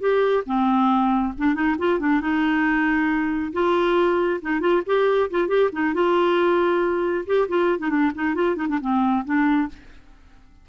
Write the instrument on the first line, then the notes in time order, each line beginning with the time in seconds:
clarinet
0.00 G4
0.46 C4
1.38 D4
1.54 D#4
1.79 F4
2.00 D4
2.21 D#4
3.53 F4
4.42 D#4
4.60 F4
4.86 G4
5.31 F4
5.48 G4
5.72 D#4
5.94 F4
7.26 G4
7.49 F4
7.79 D#4
7.90 D4
8.15 D#4
8.35 F4
8.56 D#4
8.68 D4
8.81 C4
9.25 D4